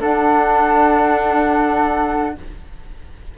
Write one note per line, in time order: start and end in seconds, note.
0.00 2.35 D4
0.00 2.36 A4
0.00 2.38 F#5